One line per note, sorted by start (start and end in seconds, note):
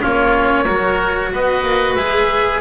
0.00 0.68 A#3
0.00 0.65 C#4
0.00 0.64 F4
0.00 1.34 C#5
0.64 1.32 F#3
0.64 1.99 F#4
0.64 1.29 A#4
1.32 1.63 B3
1.32 2.61 B4
1.32 1.95 D#5
1.63 1.95 A#3
1.95 2.61 G#3
1.95 2.61 G#4
1.95 2.60 E5